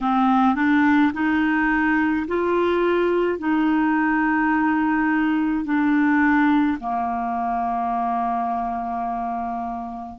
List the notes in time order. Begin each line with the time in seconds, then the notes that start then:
0.01 C4
0.55 D4
1.13 D#4
2.27 F4
3.39 D#4
5.64 D4
6.79 A#3